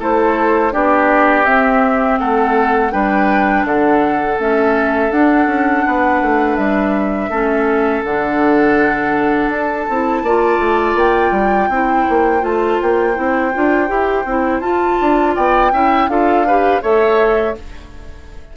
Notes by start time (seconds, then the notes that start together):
0.00 A3 E4 A4 C5
0.72 B3 D4 G4 D5
1.46 C4 E5
2.19 A3 A4 F#5
2.92 G3 D4 B4 G5
3.65 D3 A4 F#5
4.39 A3 C#4 E5
5.11 D4 F#5
5.47 C#4
5.87 B3 B4
6.22 A3
6.57 G3 E5
7.30 A3 C#4 A4
8.04 D3 D4 F#5
9.49 D4 A5
9.90 C4 E4
10.23 A#3 F4 D5
10.59 A3
10.95 A#3 G5
11.32 G3
11.69 C4 E4 C5
12.10 A#3
12.41 A3 F4 A5
12.82 A#3 G5
13.15 C4 E4
13.54 D4 F4
13.88 E4 G4
14.25 C4 E4
14.61 F4 A5
15.01 D4
15.36 B3 D5 G5
15.72 C#4 E4 E5
16.08 D4 F4 A4 F5
16.47 G4 B4
16.82 A3 A4 C#5 E5